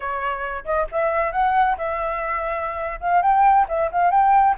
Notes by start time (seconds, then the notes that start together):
0.00 C#5
0.64 D#5
0.91 E5
1.32 F#5
1.77 E5
3.00 F5
3.21 G5
3.68 E5
3.91 F5
4.10 G5